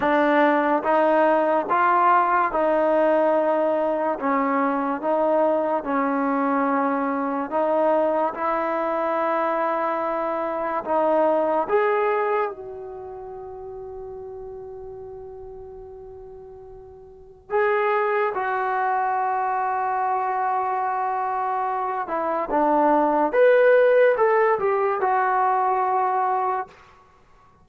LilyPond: \new Staff \with { instrumentName = "trombone" } { \time 4/4 \tempo 4 = 72 d'4 dis'4 f'4 dis'4~ | dis'4 cis'4 dis'4 cis'4~ | cis'4 dis'4 e'2~ | e'4 dis'4 gis'4 fis'4~ |
fis'1~ | fis'4 gis'4 fis'2~ | fis'2~ fis'8 e'8 d'4 | b'4 a'8 g'8 fis'2 | }